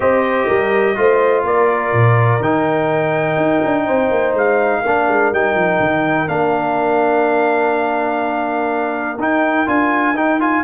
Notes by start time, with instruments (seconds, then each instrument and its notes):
0.00 tuba C4, trombone G4, horn C5, trumpet D#5
0.47 tuba G3, horn A#4
0.95 tuba A3, trombone F4, horn C5
1.44 tuba A#3, horn A#4, trumpet D5
1.93 tuba A#2
2.39 tuba D#3, trombone D#4, trumpet G5
3.37 tuba D#4
3.64 tuba D4
3.85 tuba C4, horn C5
4.10 tuba A#3
4.33 tuba G#3, trumpet F5
4.81 tuba A#3, trombone D4, horn A#4
5.08 tuba G#3
5.32 tuba G3, trombone D#4, trumpet G5
5.54 tuba F3
5.80 tuba D#3
6.27 tuba A#3, trombone D4, trumpet F5
9.18 tuba D#4, trombone D#4, trumpet G5
9.66 tuba D4, trombone F4, trumpet G#5
10.14 tuba D#4, trombone D#4, trumpet G5
10.40 trombone F4, trumpet G#5